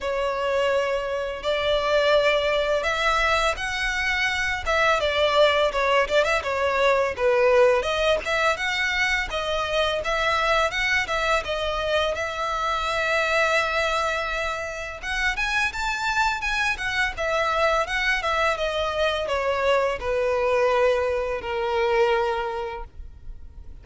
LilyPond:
\new Staff \with { instrumentName = "violin" } { \time 4/4 \tempo 4 = 84 cis''2 d''2 | e''4 fis''4. e''8 d''4 | cis''8 d''16 e''16 cis''4 b'4 dis''8 e''8 | fis''4 dis''4 e''4 fis''8 e''8 |
dis''4 e''2.~ | e''4 fis''8 gis''8 a''4 gis''8 fis''8 | e''4 fis''8 e''8 dis''4 cis''4 | b'2 ais'2 | }